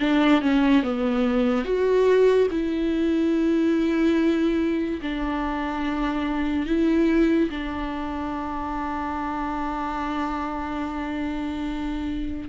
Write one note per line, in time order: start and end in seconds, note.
0.00 0.42 D4
0.42 0.83 C#4
0.83 1.65 B3
1.65 2.48 F#4
2.51 5.01 E4
5.02 6.66 D4
6.66 7.50 E4
7.50 12.49 D4